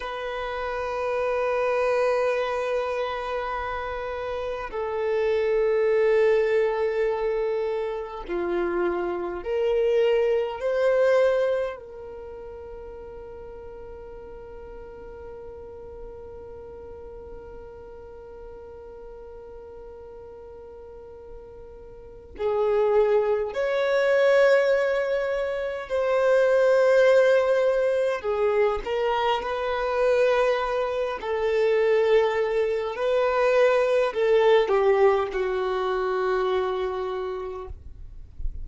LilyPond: \new Staff \with { instrumentName = "violin" } { \time 4/4 \tempo 4 = 51 b'1 | a'2. f'4 | ais'4 c''4 ais'2~ | ais'1~ |
ais'2. gis'4 | cis''2 c''2 | gis'8 ais'8 b'4. a'4. | b'4 a'8 g'8 fis'2 | }